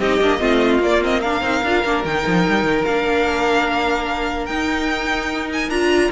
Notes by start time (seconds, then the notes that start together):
0.00 C4 D#4 G4 D#5
0.21 A#3 D4
0.39 A3 C4 F4
0.80 A#3 D5
1.02 C4 D#5
1.21 D4 A#4 F5
1.41 C4 D#4
1.64 D4 F4
1.85 A#3 D4
2.05 D#3 D#4 G5
2.27 F3
2.49 G3
2.63 D#3
2.85 A#3 D4 F5
4.46 D#4 G5
5.53 G#5
5.70 D4 F4 A#5